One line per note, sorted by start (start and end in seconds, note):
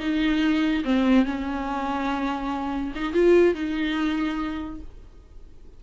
0.00 0.84 D#4
0.85 1.25 C4
1.25 2.93 C#4
2.96 3.14 D#4
3.14 3.55 F4
3.55 4.81 D#4